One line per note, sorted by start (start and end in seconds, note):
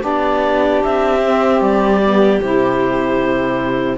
0.00 0.82 B3
0.00 1.18 D4
0.00 3.97 G4
0.00 0.83 D5
0.83 1.61 C4
0.83 1.62 E5
1.23 2.01 C4
1.61 2.40 G3
1.61 2.41 D5
2.02 2.42 B3
2.41 3.98 C3
2.41 3.98 E4
2.41 3.98 C5